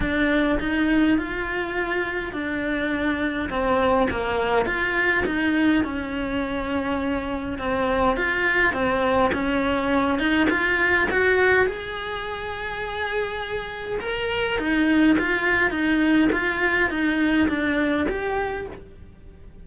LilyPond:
\new Staff \with { instrumentName = "cello" } { \time 4/4 \tempo 4 = 103 d'4 dis'4 f'2 | d'2 c'4 ais4 | f'4 dis'4 cis'2~ | cis'4 c'4 f'4 c'4 |
cis'4. dis'8 f'4 fis'4 | gis'1 | ais'4 dis'4 f'4 dis'4 | f'4 dis'4 d'4 g'4 | }